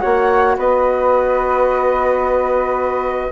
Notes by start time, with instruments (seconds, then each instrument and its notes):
0.00 bassoon A#3, horn F#4, flute C#5 F#5
0.57 bassoon B3, flute B4 D#5